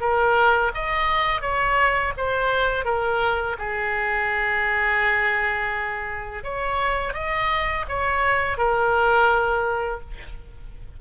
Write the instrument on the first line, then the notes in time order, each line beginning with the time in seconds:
oboe
0.00 A#4
0.74 D#5
1.41 C#5
2.17 C5
2.85 A#4
3.58 G#4
6.44 C#5
7.14 D#5
7.88 C#5
8.57 A#4